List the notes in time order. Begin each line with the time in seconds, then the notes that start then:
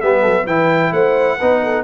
0.00 G3 B3 G4 E5
0.21 F#3 A4
0.46 E3 E4 B4 G5
0.92 A3 C5 F#5
1.38 B3 D#4 B4
1.62 A4